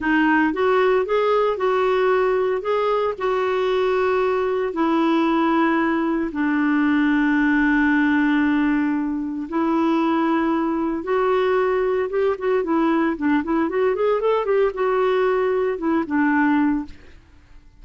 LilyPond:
\new Staff \with { instrumentName = "clarinet" } { \time 4/4 \tempo 4 = 114 dis'4 fis'4 gis'4 fis'4~ | fis'4 gis'4 fis'2~ | fis'4 e'2. | d'1~ |
d'2 e'2~ | e'4 fis'2 g'8 fis'8 | e'4 d'8 e'8 fis'8 gis'8 a'8 g'8 | fis'2 e'8 d'4. | }